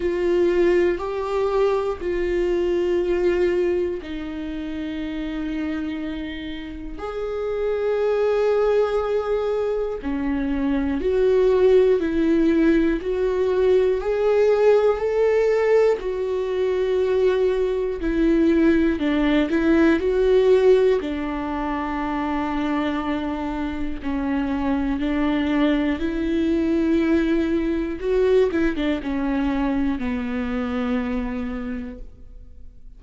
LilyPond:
\new Staff \with { instrumentName = "viola" } { \time 4/4 \tempo 4 = 60 f'4 g'4 f'2 | dis'2. gis'4~ | gis'2 cis'4 fis'4 | e'4 fis'4 gis'4 a'4 |
fis'2 e'4 d'8 e'8 | fis'4 d'2. | cis'4 d'4 e'2 | fis'8 e'16 d'16 cis'4 b2 | }